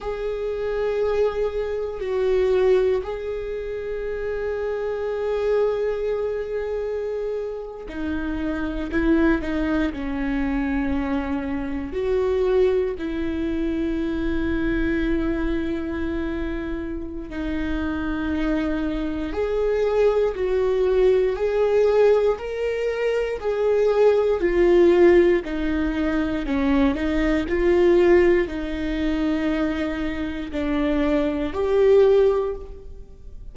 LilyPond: \new Staff \with { instrumentName = "viola" } { \time 4/4 \tempo 4 = 59 gis'2 fis'4 gis'4~ | gis'2.~ gis'8. dis'16~ | dis'8. e'8 dis'8 cis'2 fis'16~ | fis'8. e'2.~ e'16~ |
e'4 dis'2 gis'4 | fis'4 gis'4 ais'4 gis'4 | f'4 dis'4 cis'8 dis'8 f'4 | dis'2 d'4 g'4 | }